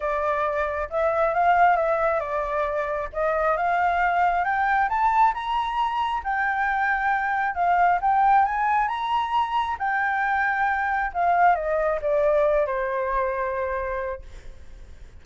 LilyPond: \new Staff \with { instrumentName = "flute" } { \time 4/4 \tempo 4 = 135 d''2 e''4 f''4 | e''4 d''2 dis''4 | f''2 g''4 a''4 | ais''2 g''2~ |
g''4 f''4 g''4 gis''4 | ais''2 g''2~ | g''4 f''4 dis''4 d''4~ | d''8 c''2.~ c''8 | }